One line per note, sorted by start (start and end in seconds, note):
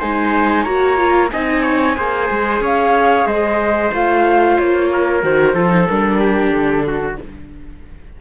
0.00 0.66 G#3
0.00 0.67 D#4
0.00 0.63 C5
0.00 0.64 G#5
0.63 1.32 A#3
0.63 0.97 F#4
0.63 1.29 C#5
0.63 1.29 A#5
0.97 1.30 F4
1.32 1.98 C4
1.32 1.97 D#4
1.32 1.63 D#5
1.32 2.62 G#5
1.63 1.96 C#5
1.97 2.30 A#3
1.97 3.92 G#4
1.97 2.63 C5
2.31 2.61 G#3
2.61 3.26 C#4
2.61 3.28 C#5
2.61 3.27 F5
3.26 3.91 G#3
3.26 4.91 C5
3.26 3.92 D#5
3.94 4.59 A3
3.94 5.23 F4
3.94 4.59 F5
4.59 5.24 A#3
4.59 5.24 C#5
4.93 5.55 A#4
5.23 5.55 D#3
5.23 5.55 F#4
5.23 5.87 C5
5.55 5.87 F3
5.55 5.69 F4
5.55 6.20 A4
5.69 5.85 D#4
5.87 6.52 G3
5.87 7.21 D4
5.87 6.51 A#4
6.20 6.86 G4
6.51 7.18 D3
6.51 7.17 A4
6.88 7.20 F#4